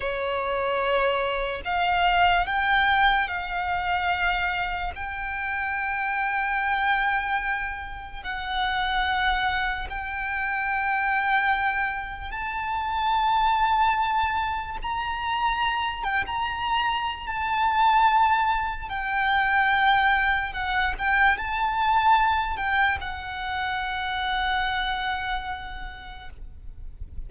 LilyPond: \new Staff \with { instrumentName = "violin" } { \time 4/4 \tempo 4 = 73 cis''2 f''4 g''4 | f''2 g''2~ | g''2 fis''2 | g''2. a''4~ |
a''2 ais''4. g''16 ais''16~ | ais''4 a''2 g''4~ | g''4 fis''8 g''8 a''4. g''8 | fis''1 | }